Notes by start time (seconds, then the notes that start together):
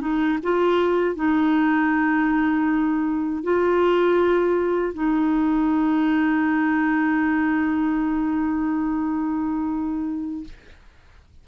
0.00 D#4
0.43 F4
1.15 D#4
3.43 F4
4.93 D#4